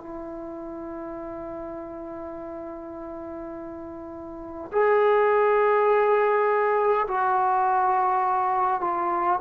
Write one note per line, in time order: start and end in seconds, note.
0.00 4.71 E4
4.72 7.07 G#4
7.07 8.81 F#4
8.81 9.40 F4